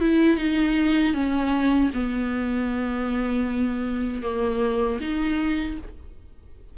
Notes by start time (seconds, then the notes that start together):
0.00 E4
0.37 D#4
1.14 C#4
1.94 B3
4.22 A#3
5.00 D#4